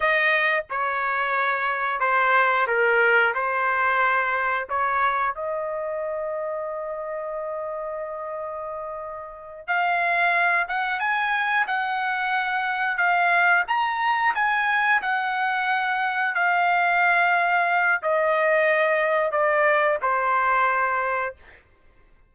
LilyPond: \new Staff \with { instrumentName = "trumpet" } { \time 4/4 \tempo 4 = 90 dis''4 cis''2 c''4 | ais'4 c''2 cis''4 | dis''1~ | dis''2~ dis''8 f''4. |
fis''8 gis''4 fis''2 f''8~ | f''8 ais''4 gis''4 fis''4.~ | fis''8 f''2~ f''8 dis''4~ | dis''4 d''4 c''2 | }